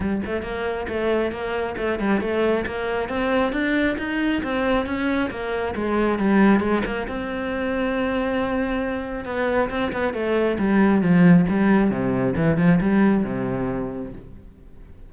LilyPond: \new Staff \with { instrumentName = "cello" } { \time 4/4 \tempo 4 = 136 g8 a8 ais4 a4 ais4 | a8 g8 a4 ais4 c'4 | d'4 dis'4 c'4 cis'4 | ais4 gis4 g4 gis8 ais8 |
c'1~ | c'4 b4 c'8 b8 a4 | g4 f4 g4 c4 | e8 f8 g4 c2 | }